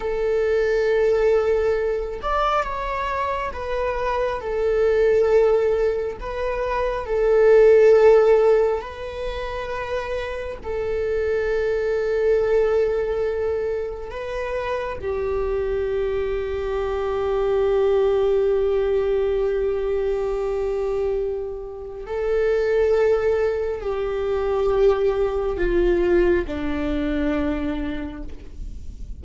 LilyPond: \new Staff \with { instrumentName = "viola" } { \time 4/4 \tempo 4 = 68 a'2~ a'8 d''8 cis''4 | b'4 a'2 b'4 | a'2 b'2 | a'1 |
b'4 g'2.~ | g'1~ | g'4 a'2 g'4~ | g'4 f'4 d'2 | }